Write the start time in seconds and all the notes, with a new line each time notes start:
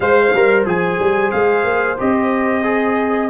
0.00 G#3 C5 F5
0.33 G3 A#4
0.65 F3 G#4 G#5
0.99 G3
1.31 G#3 F5
1.63 A#3
1.97 C4 G4 D#5
2.63 G#4